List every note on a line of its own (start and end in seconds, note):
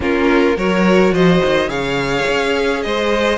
0.00 0.56 A#3
0.00 0.55 C#4
0.00 0.56 F4
0.00 0.57 A#4
0.56 1.11 F#3
0.56 1.69 F#4
0.56 1.13 A#4
0.56 1.14 C#5
1.11 1.40 F3
1.11 1.69 C5
1.11 1.69 D#5
1.44 1.68 D#3
1.68 2.24 C#3
1.68 3.38 G#4
1.68 2.82 C#5
1.68 2.82 F5
2.29 2.85 C#4
2.82 3.38 G#3
2.82 3.38 C5
2.82 3.38 D#5